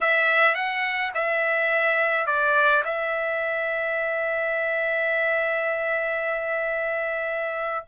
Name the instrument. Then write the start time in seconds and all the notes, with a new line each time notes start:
trumpet
0.00 E5
0.54 F#5
1.14 E5
2.26 D5
2.84 E5